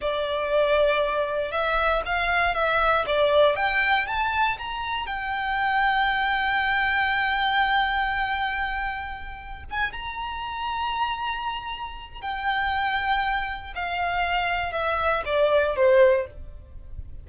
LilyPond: \new Staff \with { instrumentName = "violin" } { \time 4/4 \tempo 4 = 118 d''2. e''4 | f''4 e''4 d''4 g''4 | a''4 ais''4 g''2~ | g''1~ |
g''2. gis''8 ais''8~ | ais''1 | g''2. f''4~ | f''4 e''4 d''4 c''4 | }